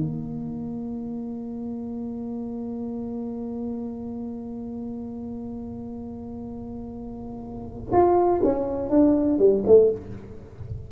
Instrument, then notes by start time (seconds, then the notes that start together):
tuba
0.00 A#3
7.92 F4
8.44 C#4
8.90 D4
9.39 G3
9.67 A3